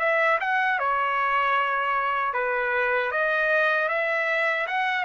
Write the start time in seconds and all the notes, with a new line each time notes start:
0.00 E5
0.40 F#5
0.79 C#5
2.34 B4
3.12 D#5
3.89 E5
4.68 F#5